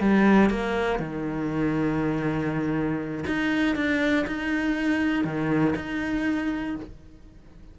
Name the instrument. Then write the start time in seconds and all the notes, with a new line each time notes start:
cello
0.00 G3
0.50 A#3
0.99 D#3
3.27 D#4
3.76 D4
4.27 D#4
5.24 D#3
5.75 D#4